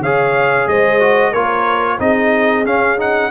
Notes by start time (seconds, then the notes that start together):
0.00 C#3 G#4 C#5 F5
0.68 G#3 C5 D#5
1.00 F#4
1.31 A#3 F4 A#4 C#5
1.99 C4 D#4 G#4 D#5
2.65 C#4 F5
2.98 D#4 F#5